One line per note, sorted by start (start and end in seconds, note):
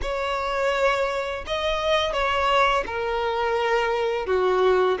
0.02 1.44 C#5
1.46 2.12 D#5
2.12 2.84 C#5
2.86 4.26 A#4
4.26 4.97 F#4